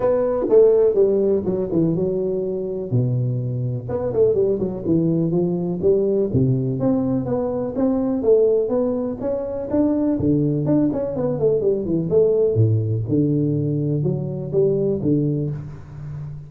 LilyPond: \new Staff \with { instrumentName = "tuba" } { \time 4/4 \tempo 4 = 124 b4 a4 g4 fis8 e8 | fis2 b,2 | b8 a8 g8 fis8 e4 f4 | g4 c4 c'4 b4 |
c'4 a4 b4 cis'4 | d'4 d4 d'8 cis'8 b8 a8 | g8 e8 a4 a,4 d4~ | d4 fis4 g4 d4 | }